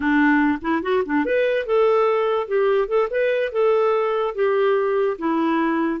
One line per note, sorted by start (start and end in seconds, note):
0.00 0.58 D4
0.61 0.82 E4
0.82 1.03 F#4
1.05 1.25 D4
1.25 1.66 B4
1.66 2.47 A4
2.47 2.87 G4
2.87 3.08 A4
3.10 3.52 B4
3.52 4.34 A4
4.34 5.17 G4
5.18 6.00 E4